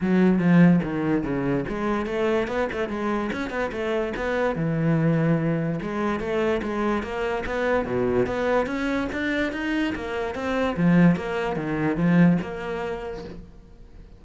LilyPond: \new Staff \with { instrumentName = "cello" } { \time 4/4 \tempo 4 = 145 fis4 f4 dis4 cis4 | gis4 a4 b8 a8 gis4 | cis'8 b8 a4 b4 e4~ | e2 gis4 a4 |
gis4 ais4 b4 b,4 | b4 cis'4 d'4 dis'4 | ais4 c'4 f4 ais4 | dis4 f4 ais2 | }